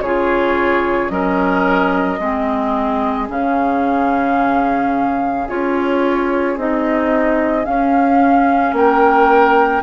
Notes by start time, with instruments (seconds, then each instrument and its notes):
0.00 bassoon C#3, clarinet F4, oboe G#4, flute C#5
1.09 bassoon F#3, clarinet C#4, oboe A#4, flute D#5
2.19 bassoon G#3, clarinet C4, oboe G#4
3.28 bassoon C#3, clarinet C#4, flute F5
5.47 bassoon C#4, clarinet F4, flute C#5
6.57 bassoon C4, clarinet D#4, flute D#5
7.63 clarinet C#4, bassoon C#4, flute F5
8.72 bassoon A#3, oboe A#4, flute G5